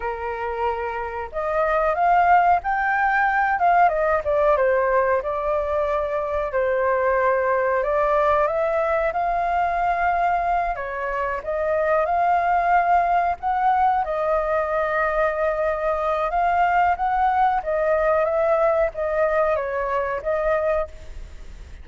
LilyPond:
\new Staff \with { instrumentName = "flute" } { \time 4/4 \tempo 4 = 92 ais'2 dis''4 f''4 | g''4. f''8 dis''8 d''8 c''4 | d''2 c''2 | d''4 e''4 f''2~ |
f''8 cis''4 dis''4 f''4.~ | f''8 fis''4 dis''2~ dis''8~ | dis''4 f''4 fis''4 dis''4 | e''4 dis''4 cis''4 dis''4 | }